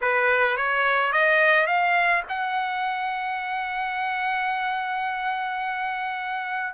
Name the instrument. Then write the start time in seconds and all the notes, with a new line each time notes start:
trumpet
0.01 B4
0.57 C#5
1.12 D#5
1.67 F5
2.29 F#5